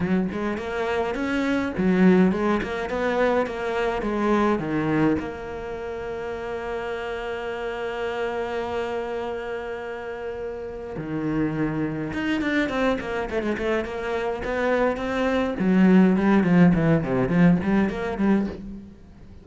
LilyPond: \new Staff \with { instrumentName = "cello" } { \time 4/4 \tempo 4 = 104 fis8 gis8 ais4 cis'4 fis4 | gis8 ais8 b4 ais4 gis4 | dis4 ais2.~ | ais1~ |
ais2. dis4~ | dis4 dis'8 d'8 c'8 ais8 a16 gis16 a8 | ais4 b4 c'4 fis4 | g8 f8 e8 c8 f8 g8 ais8 g8 | }